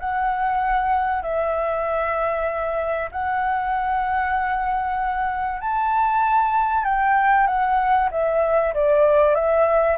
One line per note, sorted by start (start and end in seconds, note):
0.00 1.23 F#5
1.23 3.10 E5
3.12 5.61 F#5
5.61 6.85 A5
6.85 7.47 G5
7.47 8.10 F#5
8.12 8.74 E5
8.74 9.35 D5
9.35 9.98 E5